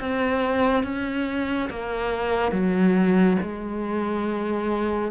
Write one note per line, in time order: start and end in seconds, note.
0.00 0.83 C4
0.83 1.69 C#4
1.69 2.52 A#3
2.52 3.37 F#3
3.42 5.11 G#3